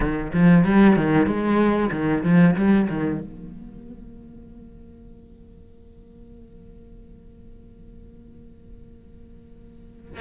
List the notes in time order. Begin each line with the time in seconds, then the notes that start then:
0.00 D#3
0.33 F3
0.64 G3
0.96 D#3
1.26 G#3
1.91 D#3
2.23 F3
2.55 G3
2.89 D#3
3.20 A#3